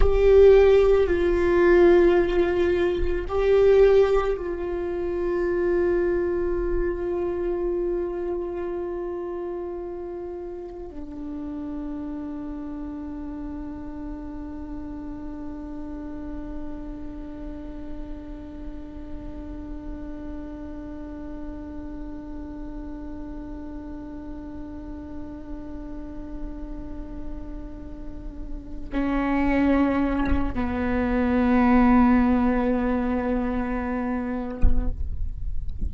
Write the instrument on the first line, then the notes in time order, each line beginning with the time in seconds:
viola
0.00 G4
1.07 F4
3.28 G4
4.36 F4
10.90 D4
28.92 C#4
30.54 B3